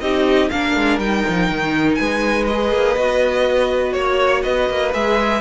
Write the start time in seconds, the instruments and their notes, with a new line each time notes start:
0.00 cello C4, viola D#4, violin G4 D#5
0.49 cello A#3, viola D4, violin A#4 F5
0.76 cello G#3
0.99 cello G3, viola D#4, violin G5
1.28 cello F3
1.49 cello D#3
1.95 cello G#3, violin B4 G#5
2.47 viola G#4, violin D#5
2.72 cello A#3
2.96 cello B3, viola F#4
3.93 cello A#3, violin C#5
4.43 cello B3, violin B4 D#5
4.70 cello A#3
4.93 cello G#3, viola G#4, violin E5